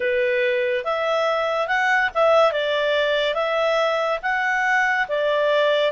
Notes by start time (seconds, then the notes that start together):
0.00 B4
0.84 E5
1.67 F#5
2.14 E5
2.52 D5
3.34 E5
4.22 F#5
5.08 D5